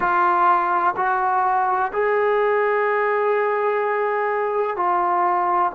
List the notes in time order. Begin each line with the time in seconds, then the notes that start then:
0.00 F4
0.96 F#4
1.92 G#4
4.76 F4